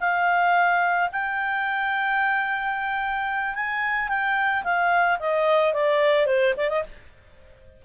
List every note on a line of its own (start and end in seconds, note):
0.00 1.09 F5
1.12 3.55 G5
3.55 4.08 G#5
4.08 4.63 G5
4.64 5.18 F5
5.19 5.73 D#5
5.73 6.26 D5
6.26 6.53 C5
6.57 6.69 D5
6.69 6.83 D#5